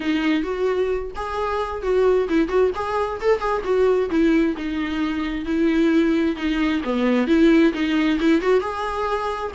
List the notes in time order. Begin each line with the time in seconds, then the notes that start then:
0.00 D#4
0.43 F#4
1.15 G#4
1.82 F#4
2.29 E4
2.48 F#4
2.75 G#4
3.20 A4
3.39 G#4
3.64 F#4
4.10 E4
4.56 D#4
5.45 E4
6.36 D#4
6.84 B3
7.27 E4
7.73 D#4
8.19 E4
8.41 F#4
8.60 G#4